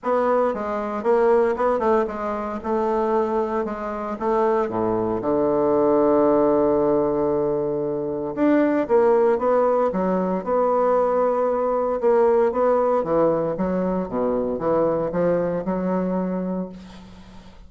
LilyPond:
\new Staff \with { instrumentName = "bassoon" } { \time 4/4 \tempo 4 = 115 b4 gis4 ais4 b8 a8 | gis4 a2 gis4 | a4 a,4 d2~ | d1 |
d'4 ais4 b4 fis4 | b2. ais4 | b4 e4 fis4 b,4 | e4 f4 fis2 | }